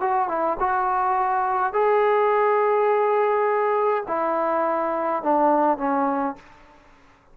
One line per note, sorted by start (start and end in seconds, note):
0.00 0.28 F#4
0.28 0.57 E4
0.59 1.73 F#4
1.73 4.04 G#4
4.07 5.22 E4
5.22 5.77 D4
5.77 6.35 C#4